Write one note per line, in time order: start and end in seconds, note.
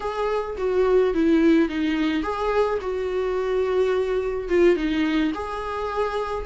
0.00 0.56 G#4
0.57 1.13 F#4
1.14 1.68 E4
1.68 2.23 D#4
2.23 2.79 G#4
2.81 4.49 F#4
4.49 4.76 F4
4.76 5.32 D#4
5.34 6.45 G#4